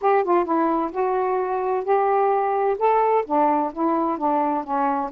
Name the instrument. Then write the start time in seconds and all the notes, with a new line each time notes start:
saxophone
0.01 G4
0.23 F4
0.44 E4
0.91 F#4
1.84 G4
2.78 A4
3.26 D4
3.73 E4
4.18 D4
4.63 C#4